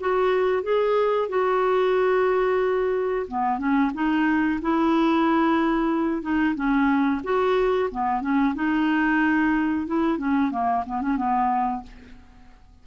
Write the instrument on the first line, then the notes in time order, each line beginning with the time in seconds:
clarinet
0.00 F#4
0.63 G#4
1.29 F#4
3.28 B3
3.58 C#4
3.94 D#4
4.62 E4
6.22 D#4
6.55 C#4
7.24 F#4
7.91 B3
8.21 C#4
8.55 D#4
9.87 E4
10.18 C#4
10.51 A#3
10.86 B3
11.02 C#4
11.17 B3